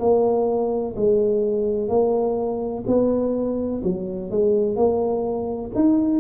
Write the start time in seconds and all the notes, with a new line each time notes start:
0.00 A#3
0.97 G#3
1.89 A#3
2.87 B3
3.84 F#3
4.31 G#3
4.77 A#3
5.75 D#4